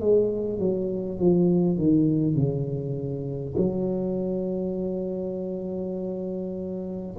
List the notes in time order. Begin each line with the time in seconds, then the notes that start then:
0.00 G#3
0.59 F#3
1.19 F3
1.77 D#3
2.35 C#3
3.57 F#3